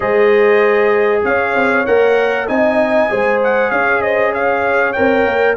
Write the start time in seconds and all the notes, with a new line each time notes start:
0.00 G#3 G#4 C5 D#5
1.24 C#4 C#5 F5
1.55 C4
1.85 A#3 A#4 F#5
2.47 C4 D#4 D#5 G#5
3.09 G#3 G#4 C5
3.43 F#5
3.70 C#4 C#5 F5
4.01 C5 D#5
4.34 C#5 F5
4.92 C4 A#4 G5
5.25 A#3